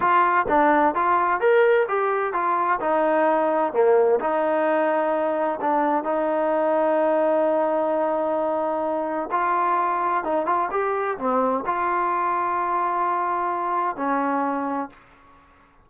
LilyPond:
\new Staff \with { instrumentName = "trombone" } { \time 4/4 \tempo 4 = 129 f'4 d'4 f'4 ais'4 | g'4 f'4 dis'2 | ais4 dis'2. | d'4 dis'2.~ |
dis'1 | f'2 dis'8 f'8 g'4 | c'4 f'2.~ | f'2 cis'2 | }